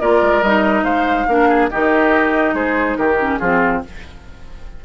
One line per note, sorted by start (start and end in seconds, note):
0.00 0.21 A#3
0.00 0.43 F4
0.00 0.84 A#4
0.00 0.42 D5
0.21 0.42 G#3
0.42 0.83 G3
0.42 1.28 D#4
0.42 0.83 D#5
0.83 1.25 G#3
0.83 1.26 C5
0.83 1.68 F5
1.27 1.70 A#3
1.27 1.71 D4
1.27 1.48 A#4
1.48 1.70 G#4
1.70 2.53 D#3
1.70 3.19 D#4
1.70 2.54 G4
1.70 2.54 D#5
2.53 2.95 G#3
2.53 2.97 G#4
2.53 2.96 C5
2.96 3.40 D#3
2.96 3.39 G4
2.96 3.37 A#4
3.19 3.40 C#4
3.37 3.83 F3
3.37 3.84 C4
3.37 3.81 F4
3.37 3.80 G#4